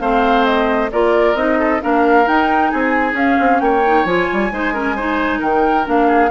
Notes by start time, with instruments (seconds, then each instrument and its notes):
0.00 bassoon A3, clarinet C4, oboe C5, flute F5
0.45 flute D#5
0.92 bassoon A#3, clarinet F4, oboe A#4, flute D5
1.34 bassoon C4, clarinet D#4, flute D#5
1.59 oboe A4
1.80 bassoon A#3, clarinet D4, oboe A#4, flute F5
2.26 clarinet D#4, bassoon D#4, flute G5
2.70 bassoon C4, oboe G#4, flute G#5
3.13 bassoon C#4, clarinet C#4, flute F5
3.40 bassoon C4
3.60 bassoon A#3, oboe C#5, flute G5
3.86 clarinet D#4
4.05 bassoon F3, clarinet F4, flute G#5
4.33 bassoon G3
4.52 bassoon G#3, clarinet D#4, oboe C5
4.73 clarinet C#4, oboe A#4
4.96 clarinet D#4, oboe C5
5.39 bassoon D#3, oboe A#4, flute G5
5.85 bassoon A#3, clarinet D4, flute F5
6.08 oboe G#4